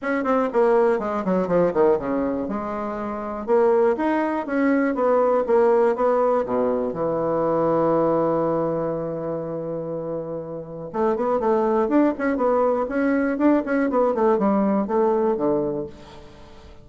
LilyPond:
\new Staff \with { instrumentName = "bassoon" } { \time 4/4 \tempo 4 = 121 cis'8 c'8 ais4 gis8 fis8 f8 dis8 | cis4 gis2 ais4 | dis'4 cis'4 b4 ais4 | b4 b,4 e2~ |
e1~ | e2 a8 b8 a4 | d'8 cis'8 b4 cis'4 d'8 cis'8 | b8 a8 g4 a4 d4 | }